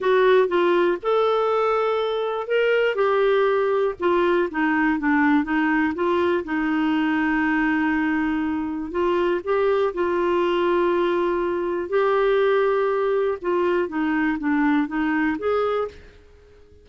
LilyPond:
\new Staff \with { instrumentName = "clarinet" } { \time 4/4 \tempo 4 = 121 fis'4 f'4 a'2~ | a'4 ais'4 g'2 | f'4 dis'4 d'4 dis'4 | f'4 dis'2.~ |
dis'2 f'4 g'4 | f'1 | g'2. f'4 | dis'4 d'4 dis'4 gis'4 | }